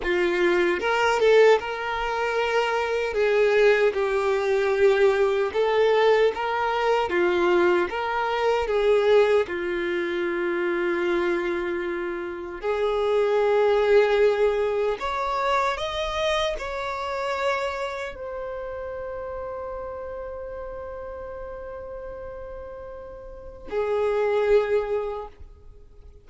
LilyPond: \new Staff \with { instrumentName = "violin" } { \time 4/4 \tempo 4 = 76 f'4 ais'8 a'8 ais'2 | gis'4 g'2 a'4 | ais'4 f'4 ais'4 gis'4 | f'1 |
gis'2. cis''4 | dis''4 cis''2 c''4~ | c''1~ | c''2 gis'2 | }